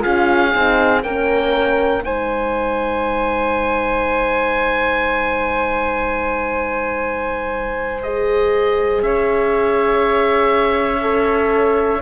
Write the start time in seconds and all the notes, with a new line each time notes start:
0.00 C#4 F4 G#4 F5
0.52 C4 D#4
1.03 A#3 C#4 A#4 G5
2.03 G#3 D#4 C5 G#5
8.03 G#4 D#5
9.02 C#4 C#5 E5
11.01 A4